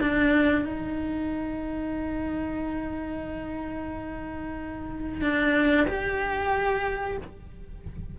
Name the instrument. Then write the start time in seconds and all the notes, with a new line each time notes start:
cello
0.00 D4
0.64 D#4
5.21 D4
5.87 G4